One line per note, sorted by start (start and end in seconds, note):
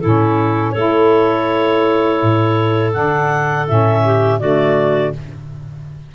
0.00 0.76 A2
0.00 0.76 C#4
0.00 0.72 E4
0.00 0.71 A4
0.71 2.22 A3
0.71 2.93 E4
0.71 4.02 A4
0.71 2.91 C#5
2.22 2.94 A2
2.93 3.68 D3
2.93 3.66 D4
2.93 3.66 F#5
3.68 4.41 A2
3.68 4.39 C#4
3.68 4.39 E5
4.04 4.39 G4
4.39 5.14 D3
4.39 5.13 A3
4.39 5.12 F#4
4.39 5.13 D5